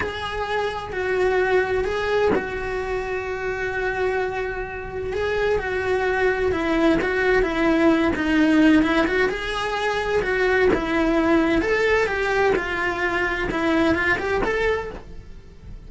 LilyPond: \new Staff \with { instrumentName = "cello" } { \time 4/4 \tempo 4 = 129 gis'2 fis'2 | gis'4 fis'2.~ | fis'2. gis'4 | fis'2 e'4 fis'4 |
e'4. dis'4. e'8 fis'8 | gis'2 fis'4 e'4~ | e'4 a'4 g'4 f'4~ | f'4 e'4 f'8 g'8 a'4 | }